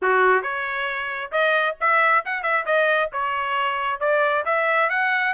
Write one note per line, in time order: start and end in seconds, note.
0.02 0.42 F#4
0.42 1.31 C#5
1.31 1.76 D#5
1.80 2.24 E5
2.25 2.43 F#5
2.43 2.65 E5
2.65 3.09 D#5
3.12 3.99 C#5
3.99 4.44 D5
4.45 4.89 E5
4.89 5.33 F#5